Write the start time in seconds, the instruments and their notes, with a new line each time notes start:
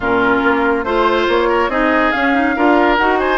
0.00 bassoon A#2, clarinet C#4, oboe F4, flute A#4
0.43 bassoon A#3
0.83 bassoon A3, clarinet F4, flute C5, oboe C5
1.27 bassoon A#3, flute C#5
1.49 oboe A#4
1.68 bassoon C4, clarinet D#4, oboe G#4, flute D#5
2.11 clarinet C#4, bassoon C#4, flute F5
2.34 clarinet D#4
2.55 bassoon D4, clarinet F4, oboe A#4
2.97 bassoon D#4, clarinet F#4, flute F#5
3.19 oboe C5, flute G#5